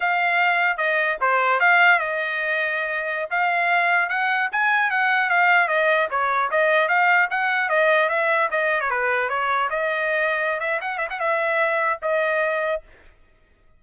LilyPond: \new Staff \with { instrumentName = "trumpet" } { \time 4/4 \tempo 4 = 150 f''2 dis''4 c''4 | f''4 dis''2.~ | dis''16 f''2 fis''4 gis''8.~ | gis''16 fis''4 f''4 dis''4 cis''8.~ |
cis''16 dis''4 f''4 fis''4 dis''8.~ | dis''16 e''4 dis''8. cis''16 b'4 cis''8.~ | cis''16 dis''2~ dis''16 e''8 fis''8 e''16 fis''16 | e''2 dis''2 | }